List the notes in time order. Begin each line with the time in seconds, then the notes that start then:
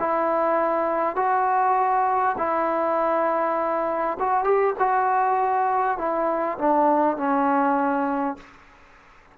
0.00 E4
1.16 F#4
2.38 E4
4.20 F#4
4.44 G4
4.79 F#4
5.98 E4
6.59 D4
7.18 C#4